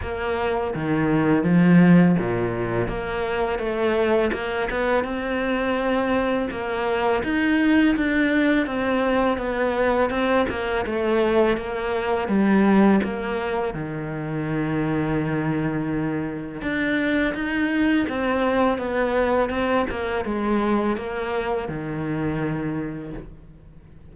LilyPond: \new Staff \with { instrumentName = "cello" } { \time 4/4 \tempo 4 = 83 ais4 dis4 f4 ais,4 | ais4 a4 ais8 b8 c'4~ | c'4 ais4 dis'4 d'4 | c'4 b4 c'8 ais8 a4 |
ais4 g4 ais4 dis4~ | dis2. d'4 | dis'4 c'4 b4 c'8 ais8 | gis4 ais4 dis2 | }